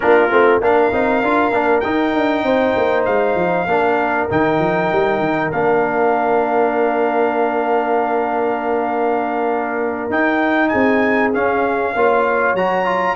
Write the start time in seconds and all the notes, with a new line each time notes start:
0.00 A#3 D4 F4 A#4
0.30 A3 C4
0.61 A#3 D4 A#4 F5
0.92 C4 D#4
1.22 D4 F4
1.51 A#3 D4
1.80 D#4 G5
2.13 D4
2.43 C4 C5
2.76 A#3
3.05 G#3 F5
3.35 F3
3.66 A#3 D4 A#4
4.29 D#3 D#4 G5
4.59 F3
4.92 G3
5.19 D#3
5.51 A#3 D4 F5
10.09 D#4 G5
10.68 C4 G#4 G#5
11.33 C#4 F5
11.93 A#3 F4 C#5
12.54 F#3 F#4 A#5
12.85 F4